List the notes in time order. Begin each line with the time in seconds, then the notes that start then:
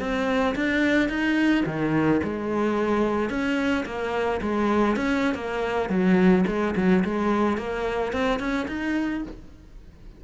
0.00 C4
0.55 D4
1.09 D#4
1.66 D#3
2.23 G#3
3.30 C#4
3.86 A#3
4.41 G#3
4.96 C#4
5.35 A#3
5.90 F#3
6.47 G#3
6.77 F#3
7.05 G#3
7.58 A#3
8.13 C4
8.39 C#4
8.68 D#4